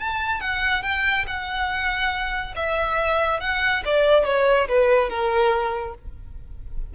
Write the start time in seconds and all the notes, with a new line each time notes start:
0.00 A5
0.41 F#5
0.83 G5
1.27 F#5
2.56 E5
3.41 F#5
3.85 D5
4.26 C#5
4.69 B4
5.10 A#4